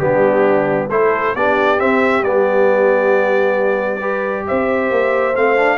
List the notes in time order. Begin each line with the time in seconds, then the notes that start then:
0.00 G3 B3 D4 G4
0.90 A3 E4 A4 C5
1.36 B3 D4 G4 D5
1.79 C4 E5
2.23 G3 B3 D5
4.00 G4 B4
4.47 C4 C5 E5
4.91 A#3
5.35 A3 C4 F5
5.57 D4